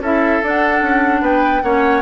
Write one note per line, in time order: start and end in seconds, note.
0.00 0.40 C#4
0.00 0.43 E4
0.00 1.22 A4
0.00 0.45 E5
0.43 0.82 D4
0.43 1.64 D4
0.43 1.25 F#5
0.82 1.21 C#4
1.21 1.62 B3
1.21 1.63 B4
1.21 1.63 G5
1.63 2.03 A#3
1.63 2.03 C#4
1.63 2.03 C#5
1.63 2.03 F#5